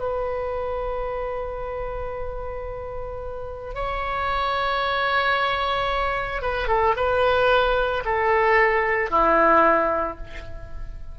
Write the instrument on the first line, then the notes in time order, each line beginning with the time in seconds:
oboe
0.00 B4
3.75 C#5
6.42 B4
6.68 A4
6.96 B4
8.06 A4
9.11 E4